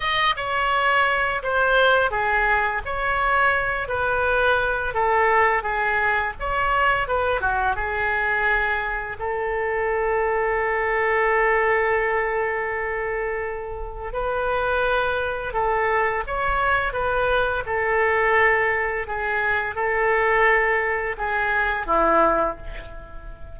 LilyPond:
\new Staff \with { instrumentName = "oboe" } { \time 4/4 \tempo 4 = 85 dis''8 cis''4. c''4 gis'4 | cis''4. b'4. a'4 | gis'4 cis''4 b'8 fis'8 gis'4~ | gis'4 a'2.~ |
a'1 | b'2 a'4 cis''4 | b'4 a'2 gis'4 | a'2 gis'4 e'4 | }